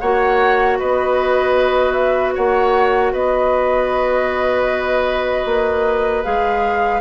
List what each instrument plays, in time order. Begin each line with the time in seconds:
0.00 bassoon A#3, clarinet F#4, oboe C#5, flute F#5
0.79 bassoon B3, oboe B4, flute D#5
1.93 flute E5
2.35 bassoon A#3, oboe C#5, flute F#5
3.13 bassoon B3, oboe B4, flute D#5
5.46 bassoon A#3
6.24 bassoon G#3, clarinet G#4, flute F5